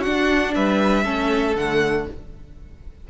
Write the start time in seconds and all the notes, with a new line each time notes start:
0.00 D4 F#4 F#5
0.06 D4
0.54 G3 B4 E5
1.04 A3 C#4 A4
1.55 D3 A3 F#5